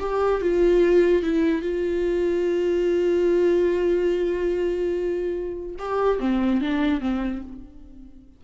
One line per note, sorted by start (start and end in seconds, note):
0.00 0.41 G4
0.42 1.23 F4
1.23 1.62 E4
1.62 5.76 F4
5.79 6.20 G4
6.20 6.61 C4
6.61 7.01 D4
7.01 7.42 C4